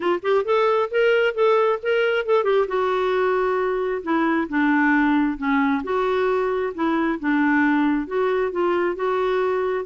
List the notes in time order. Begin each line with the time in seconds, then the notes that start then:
0.00 F4
0.22 G4
0.44 A4
0.91 A#4
1.34 A4
1.82 A#4
2.25 A4
2.44 G4
2.67 F#4
4.02 E4
4.48 D4
5.37 C#4
5.83 F#4
6.74 E4
7.19 D4
8.07 F#4
8.51 F4
8.95 F#4